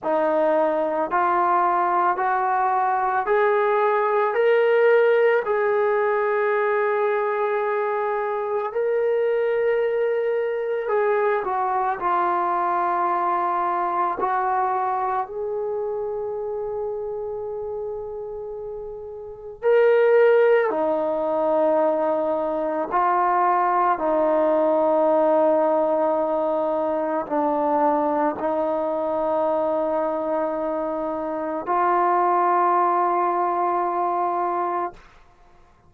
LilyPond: \new Staff \with { instrumentName = "trombone" } { \time 4/4 \tempo 4 = 55 dis'4 f'4 fis'4 gis'4 | ais'4 gis'2. | ais'2 gis'8 fis'8 f'4~ | f'4 fis'4 gis'2~ |
gis'2 ais'4 dis'4~ | dis'4 f'4 dis'2~ | dis'4 d'4 dis'2~ | dis'4 f'2. | }